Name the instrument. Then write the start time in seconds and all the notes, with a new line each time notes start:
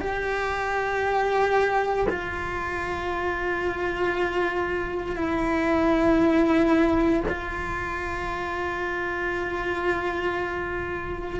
cello
0.00 G4
2.09 F4
5.16 E4
7.28 F4